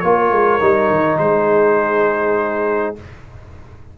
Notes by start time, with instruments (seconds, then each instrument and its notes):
0.00 tuba A#3, trombone F4, horn A#4, trumpet C#5
0.31 tuba G#3
0.61 tuba G3, trombone D#4
0.91 tuba D#3
1.19 tuba G#3, horn G#4, trumpet C5